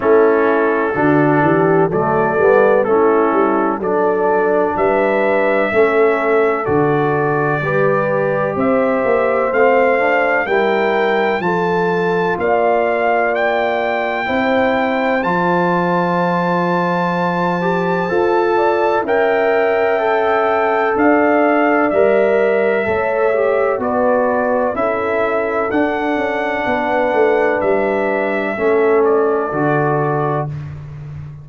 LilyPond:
<<
  \new Staff \with { instrumentName = "trumpet" } { \time 4/4 \tempo 4 = 63 a'2 d''4 a'4 | d''4 e''2 d''4~ | d''4 e''4 f''4 g''4 | a''4 f''4 g''2 |
a''1 | g''2 f''4 e''4~ | e''4 d''4 e''4 fis''4~ | fis''4 e''4. d''4. | }
  \new Staff \with { instrumentName = "horn" } { \time 4/4 e'4 fis'8 g'8 a'4 e'4 | a'4 b'4 a'2 | b'4 c''2 ais'4 | a'4 d''2 c''4~ |
c''2.~ c''8 d''8 | e''2 d''2 | cis''4 b'4 a'2 | b'2 a'2 | }
  \new Staff \with { instrumentName = "trombone" } { \time 4/4 cis'4 d'4 a8 b8 cis'4 | d'2 cis'4 fis'4 | g'2 c'8 d'8 e'4 | f'2. e'4 |
f'2~ f'8 g'8 a'4 | ais'4 a'2 ais'4 | a'8 g'8 fis'4 e'4 d'4~ | d'2 cis'4 fis'4 | }
  \new Staff \with { instrumentName = "tuba" } { \time 4/4 a4 d8 e8 fis8 g8 a8 g8 | fis4 g4 a4 d4 | g4 c'8 ais8 a4 g4 | f4 ais2 c'4 |
f2. f'4 | cis'2 d'4 g4 | a4 b4 cis'4 d'8 cis'8 | b8 a8 g4 a4 d4 | }
>>